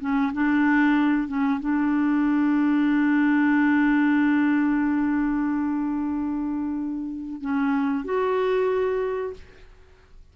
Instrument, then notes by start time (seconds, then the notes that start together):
clarinet
0.00 C#4
0.33 D4
1.28 C#4
1.60 D4
7.41 C#4
8.04 F#4